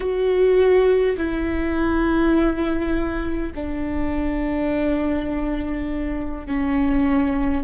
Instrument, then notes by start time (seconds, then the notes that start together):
viola
0.00 F#4
1.17 E4
3.55 D4
6.46 C#4